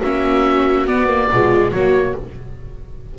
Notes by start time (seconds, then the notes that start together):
0.00 A#3 C#4 F#4 E5
0.87 B3 D5
1.07 A#3
1.32 B2 G#3 F4
1.71 F#3 A#3 F#4 C#5